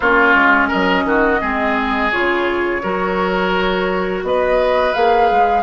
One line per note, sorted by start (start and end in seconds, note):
0.00 0.34 A#3
0.00 1.40 C#4
0.00 0.67 F4
0.00 0.69 C#5
0.34 0.69 G#3
0.67 1.03 A#4
0.67 2.11 D#5
0.74 1.04 F#3
1.04 1.39 D#3
1.04 1.41 F#4
1.40 2.12 G#3
1.40 2.11 C4
1.40 2.82 G#4
2.11 2.83 C#3
2.11 2.82 F4
2.11 4.23 C#5
2.82 4.22 F#3
2.82 4.94 F#4
2.82 4.23 A#4
4.22 4.93 B3
4.22 5.62 B4
4.22 4.93 D#5
4.93 5.30 A#3
4.93 5.62 G#4
4.93 5.62 F5
5.30 5.62 G#3